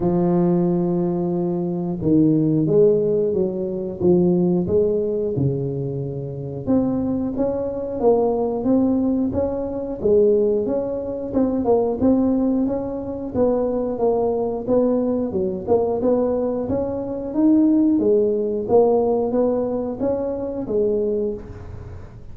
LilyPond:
\new Staff \with { instrumentName = "tuba" } { \time 4/4 \tempo 4 = 90 f2. dis4 | gis4 fis4 f4 gis4 | cis2 c'4 cis'4 | ais4 c'4 cis'4 gis4 |
cis'4 c'8 ais8 c'4 cis'4 | b4 ais4 b4 fis8 ais8 | b4 cis'4 dis'4 gis4 | ais4 b4 cis'4 gis4 | }